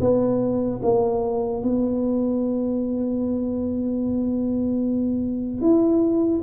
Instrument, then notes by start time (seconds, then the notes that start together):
tuba
0.00 B3
0.82 A#3
1.62 B3
5.61 E4